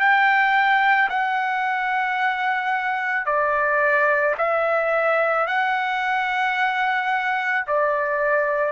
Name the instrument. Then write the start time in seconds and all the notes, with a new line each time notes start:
trumpet
0.00 G5
1.10 F#5
3.26 D5
4.38 E5
5.47 F#5
7.67 D5